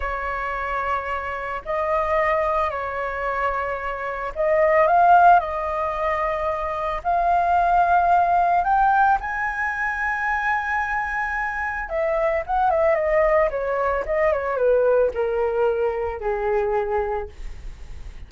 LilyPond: \new Staff \with { instrumentName = "flute" } { \time 4/4 \tempo 4 = 111 cis''2. dis''4~ | dis''4 cis''2. | dis''4 f''4 dis''2~ | dis''4 f''2. |
g''4 gis''2.~ | gis''2 e''4 fis''8 e''8 | dis''4 cis''4 dis''8 cis''8 b'4 | ais'2 gis'2 | }